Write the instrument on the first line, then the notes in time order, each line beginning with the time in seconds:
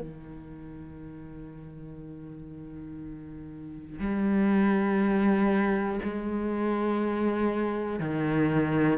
cello
0.00 D#3
3.99 G3
6.03 G#3
7.99 D#3